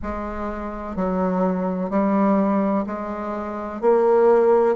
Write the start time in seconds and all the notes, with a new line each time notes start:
0.02 G#3
0.96 F#3
1.90 G3
2.86 G#3
3.81 A#3